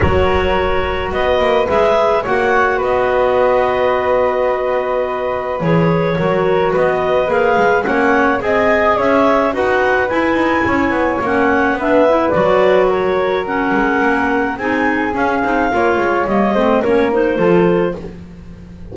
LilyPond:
<<
  \new Staff \with { instrumentName = "clarinet" } { \time 4/4 \tempo 4 = 107 cis''2 dis''4 e''4 | fis''4 dis''2.~ | dis''2 cis''2 | dis''4 f''4 fis''4 gis''4 |
e''4 fis''4 gis''2 | fis''4 e''4 d''4 cis''4 | fis''2 gis''4 f''4~ | f''4 dis''4 cis''8 c''4. | }
  \new Staff \with { instrumentName = "flute" } { \time 4/4 ais'2 b'2 | cis''4 b'2.~ | b'2. ais'4 | b'2 cis''4 dis''4 |
cis''4 b'2 cis''4~ | cis''4 b'2 ais'4~ | ais'2 gis'2 | cis''4. c''8 ais'4 a'4 | }
  \new Staff \with { instrumentName = "clarinet" } { \time 4/4 fis'2. gis'4 | fis'1~ | fis'2 gis'4 fis'4~ | fis'4 gis'4 cis'4 gis'4~ |
gis'4 fis'4 e'2 | cis'4 d'8 e'8 fis'2 | cis'2 dis'4 cis'8 dis'8 | f'4 ais8 c'8 cis'8 dis'8 f'4 | }
  \new Staff \with { instrumentName = "double bass" } { \time 4/4 fis2 b8 ais8 gis4 | ais4 b2.~ | b2 e4 fis4 | b4 ais8 gis8 ais4 c'4 |
cis'4 dis'4 e'8 dis'8 cis'8 b8 | ais4 b4 fis2~ | fis8 gis8 ais4 c'4 cis'8 c'8 | ais8 gis8 g8 a8 ais4 f4 | }
>>